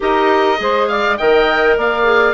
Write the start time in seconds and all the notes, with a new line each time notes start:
0.00 D#4 G4 A#4 D#5
0.57 G#3 G#4 C5
0.87 D5 F5
1.17 D#3 A#4 D#5 G5
1.76 A#3 D5 F5
2.03 G#4